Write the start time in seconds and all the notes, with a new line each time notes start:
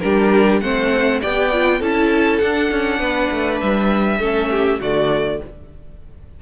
0.00 G3 D4 G4 A#4
0.60 A3 C4 C5 F#5
1.21 B3 G4 D5 G5
1.52 F4
1.79 C#4 E4 A4 A5
2.39 D4 F#5
2.71 C#4
2.98 B3 B4
3.31 A3
3.60 G3 E5
4.18 A3 C#4 A4
4.50 G4
4.80 D3 A3 F#4 D5